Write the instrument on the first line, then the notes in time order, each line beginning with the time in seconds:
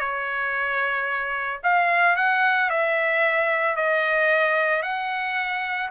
trumpet
0.00 C#5
1.64 F5
2.16 F#5
2.70 E5
3.76 D#5
4.83 F#5